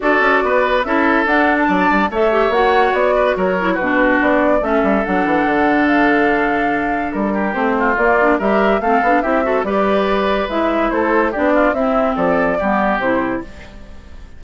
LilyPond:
<<
  \new Staff \with { instrumentName = "flute" } { \time 4/4 \tempo 4 = 143 d''2 e''4 fis''8. a''16~ | a''4 e''4 fis''4 d''4 | cis''4 b'4 d''4 e''4 | fis''2 f''2~ |
f''4 ais'4 c''4 d''4 | e''4 f''4 e''4 d''4~ | d''4 e''4 c''4 d''4 | e''4 d''2 c''4 | }
  \new Staff \with { instrumentName = "oboe" } { \time 4/4 a'4 b'4 a'2 | d''4 cis''2~ cis''8 b'8 | ais'4 fis'2 a'4~ | a'1~ |
a'4. g'4 f'4. | ais'4 a'4 g'8 a'8 b'4~ | b'2 a'4 g'8 f'8 | e'4 a'4 g'2 | }
  \new Staff \with { instrumentName = "clarinet" } { \time 4/4 fis'2 e'4 d'4~ | d'4 a'8 g'8 fis'2~ | fis'8 e'8 d'2 cis'4 | d'1~ |
d'2 c'4 ais8 d'8 | g'4 c'8 d'8 e'8 fis'8 g'4~ | g'4 e'2 d'4 | c'2 b4 e'4 | }
  \new Staff \with { instrumentName = "bassoon" } { \time 4/4 d'8 cis'8 b4 cis'4 d'4 | fis8 g8 a4 ais4 b4 | fis4 b,4 b4 a8 g8 | fis8 e8 d2.~ |
d4 g4 a4 ais4 | g4 a8 b8 c'4 g4~ | g4 gis4 a4 b4 | c'4 f4 g4 c4 | }
>>